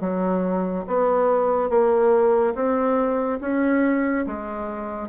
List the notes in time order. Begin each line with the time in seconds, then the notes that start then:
0.00 F#3
0.87 B3
1.69 A#3
2.55 C4
3.41 C#4
4.26 G#3